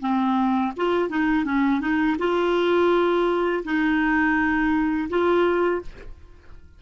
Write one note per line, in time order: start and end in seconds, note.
0.00 0.72 C4
0.76 1.09 F4
1.09 1.44 D#4
1.44 1.80 C#4
1.80 2.16 D#4
2.19 3.63 F4
3.64 5.08 D#4
5.09 5.81 F4